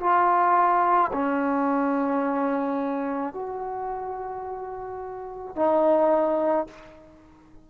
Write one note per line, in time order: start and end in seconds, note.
0.00 1.11 F4
1.13 3.34 C#4
3.34 5.56 F#4
5.56 6.67 D#4